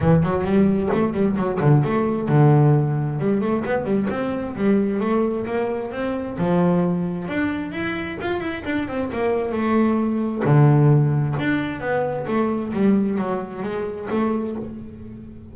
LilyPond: \new Staff \with { instrumentName = "double bass" } { \time 4/4 \tempo 4 = 132 e8 fis8 g4 a8 g8 fis8 d8 | a4 d2 g8 a8 | b8 g8 c'4 g4 a4 | ais4 c'4 f2 |
d'4 e'4 f'8 e'8 d'8 c'8 | ais4 a2 d4~ | d4 d'4 b4 a4 | g4 fis4 gis4 a4 | }